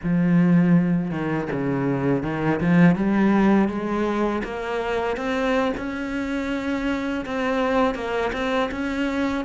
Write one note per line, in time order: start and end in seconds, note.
0.03 1.10 F3
1.10 1.47 D#3
1.52 2.23 C#3
2.23 2.60 D#3
2.60 2.95 F3
2.95 3.68 G3
3.68 4.42 G#3
4.43 5.16 A#3
5.16 5.72 C4
5.77 7.25 C#4
7.25 7.94 C4
7.94 8.31 A#3
8.33 8.70 C4
8.71 9.44 C#4